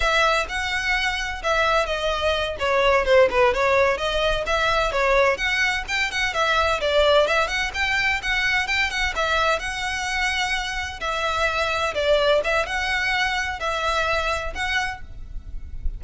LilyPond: \new Staff \with { instrumentName = "violin" } { \time 4/4 \tempo 4 = 128 e''4 fis''2 e''4 | dis''4. cis''4 c''8 b'8 cis''8~ | cis''8 dis''4 e''4 cis''4 fis''8~ | fis''8 g''8 fis''8 e''4 d''4 e''8 |
fis''8 g''4 fis''4 g''8 fis''8 e''8~ | e''8 fis''2. e''8~ | e''4. d''4 e''8 fis''4~ | fis''4 e''2 fis''4 | }